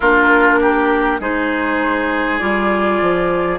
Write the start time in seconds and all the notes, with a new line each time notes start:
0.00 A#3 D4 F4 A#4
0.60 G4
1.20 G#3 D#4 G#4 C5
2.39 G3 F4 D5
3.01 F3